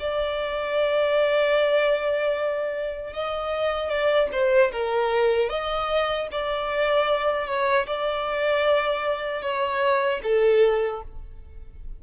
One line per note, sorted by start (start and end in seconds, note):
0.00 3.14 D5
3.14 3.90 D#5
3.90 4.30 D5
4.32 4.72 C5
4.73 5.49 A#4
5.49 6.28 D#5
6.32 7.47 D5
7.47 7.87 C#5
7.87 9.42 D5
9.42 10.21 C#5
10.24 11.03 A4